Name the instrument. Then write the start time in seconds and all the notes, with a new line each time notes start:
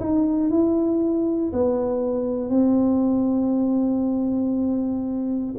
tuba
0.00 D#4
0.50 E4
1.53 B3
2.50 C4